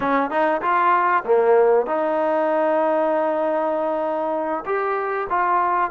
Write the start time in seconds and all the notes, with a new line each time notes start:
0.00 C#4
0.30 D#4
0.61 F4
1.24 A#3
1.86 D#4
4.65 G4
5.29 F4